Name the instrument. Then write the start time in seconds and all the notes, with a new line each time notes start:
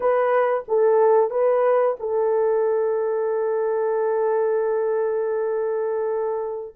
horn
0.00 B4
0.67 A4
1.30 B4
1.99 A4